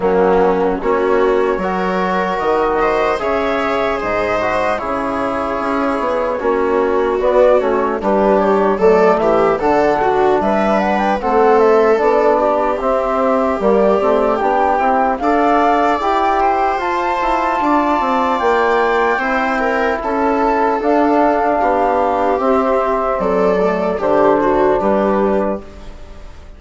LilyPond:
<<
  \new Staff \with { instrumentName = "flute" } { \time 4/4 \tempo 4 = 75 fis'4 cis''2 dis''4 | e''4 dis''4 cis''2~ | cis''4 d''8 cis''8 b'8 cis''8 d''8 e''8 | fis''4 e''8 fis''16 g''16 fis''8 e''8 d''4 |
e''4 d''4 g''4 f''4 | g''4 a''2 g''4~ | g''4 a''4 f''2 | e''4 d''4 c''4 b'4 | }
  \new Staff \with { instrumentName = "viola" } { \time 4/4 cis'4 fis'4 ais'4. c''8 | cis''4 c''4 gis'2 | fis'2 g'4 a'8 g'8 | a'8 fis'8 b'4 a'4. g'8~ |
g'2. d''4~ | d''8 c''4. d''2 | c''8 ais'8 a'2 g'4~ | g'4 a'4 g'8 fis'8 g'4 | }
  \new Staff \with { instrumentName = "trombone" } { \time 4/4 ais4 cis'4 fis'2 | gis'4. fis'8 e'2 | cis'4 b8 cis'8 d'4 a4 | d'2 c'4 d'4 |
c'4 ais8 c'8 d'8 e'8 a'4 | g'4 f'2. | e'2 d'2 | c'4. a8 d'2 | }
  \new Staff \with { instrumentName = "bassoon" } { \time 4/4 fis4 ais4 fis4 dis4 | cis4 gis,4 cis4 cis'8 b8 | ais4 b8 a8 g4 fis8 e8 | d4 g4 a4 b4 |
c'4 g8 a8 b8 c'8 d'4 | e'4 f'8 e'8 d'8 c'8 ais4 | c'4 cis'4 d'4 b4 | c'4 fis4 d4 g4 | }
>>